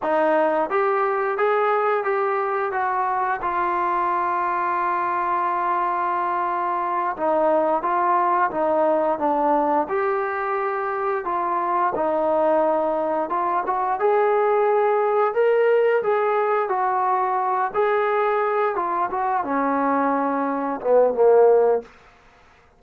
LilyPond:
\new Staff \with { instrumentName = "trombone" } { \time 4/4 \tempo 4 = 88 dis'4 g'4 gis'4 g'4 | fis'4 f'2.~ | f'2~ f'8 dis'4 f'8~ | f'8 dis'4 d'4 g'4.~ |
g'8 f'4 dis'2 f'8 | fis'8 gis'2 ais'4 gis'8~ | gis'8 fis'4. gis'4. f'8 | fis'8 cis'2 b8 ais4 | }